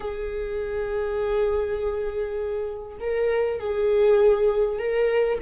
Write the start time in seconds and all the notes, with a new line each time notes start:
0.00 G#4
3.00 A#4
3.59 G#4
4.78 A#4